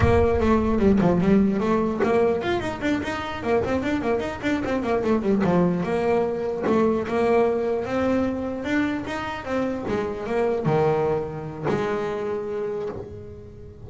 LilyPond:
\new Staff \with { instrumentName = "double bass" } { \time 4/4 \tempo 4 = 149 ais4 a4 g8 f8 g4 | a4 ais4 f'8 dis'8 d'8 dis'8~ | dis'8 ais8 c'8 d'8 ais8 dis'8 d'8 c'8 | ais8 a8 g8 f4 ais4.~ |
ais8 a4 ais2 c'8~ | c'4. d'4 dis'4 c'8~ | c'8 gis4 ais4 dis4.~ | dis4 gis2. | }